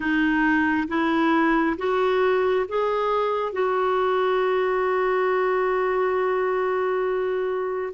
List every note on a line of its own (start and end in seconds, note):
0.00 0.87 D#4
0.88 1.76 E4
1.77 2.66 F#4
2.68 3.52 G#4
3.52 7.93 F#4